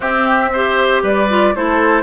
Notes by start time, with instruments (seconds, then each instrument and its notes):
0.00 bassoon C4, clarinet C4, oboe G4, flute E5
0.52 clarinet G4, oboe C5
1.02 bassoon G3, oboe B4, flute D5
1.29 clarinet F4
1.55 bassoon A3, clarinet E4, oboe A4, flute C5